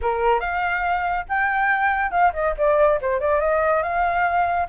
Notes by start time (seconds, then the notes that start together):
0.01 A#4
0.40 F5
1.28 G5
2.11 F5
2.33 D#5
2.57 D5
3.01 C5
3.19 D5
3.40 D#5
3.82 F5